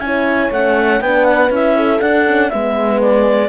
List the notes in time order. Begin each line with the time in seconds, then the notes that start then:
0.00 C#4 E4 C#5 G#5
0.51 A3 C#4 F#5
1.01 B3 D4 B4 G5
1.24 F#5
1.50 C#4 E4 E5
1.76 A4
2.00 D4 F#5
2.26 C#4
2.50 G#3 B3 B4 E5
3.01 D5